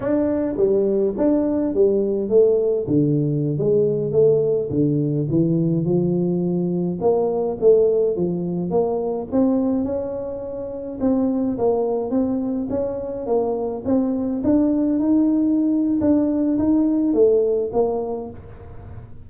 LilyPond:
\new Staff \with { instrumentName = "tuba" } { \time 4/4 \tempo 4 = 105 d'4 g4 d'4 g4 | a4 d4~ d16 gis4 a8.~ | a16 d4 e4 f4.~ f16~ | f16 ais4 a4 f4 ais8.~ |
ais16 c'4 cis'2 c'8.~ | c'16 ais4 c'4 cis'4 ais8.~ | ais16 c'4 d'4 dis'4.~ dis'16 | d'4 dis'4 a4 ais4 | }